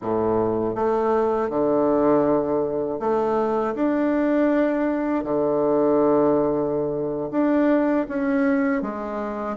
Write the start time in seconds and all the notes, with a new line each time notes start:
0.01 A2
0.75 A3
1.49 D3
2.99 A3
3.74 D4
5.23 D3
7.31 D4
8.08 C#4
8.81 G#3